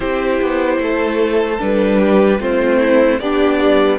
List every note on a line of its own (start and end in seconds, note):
0.00 0.40 C4
0.00 1.58 E4
0.00 0.80 G4
0.00 1.60 C5
0.41 0.78 B3
0.78 1.58 A3
0.78 2.00 A4
1.58 2.39 G3
1.58 2.38 D4
1.58 2.41 B4
2.00 2.40 G4
2.39 3.19 A3
2.39 3.19 C4
2.39 2.80 F4
2.39 3.19 C5
2.80 3.20 E4
3.19 3.99 B3
3.19 3.99 D4
3.19 3.59 G4
3.19 3.99 D5
3.59 3.99 G3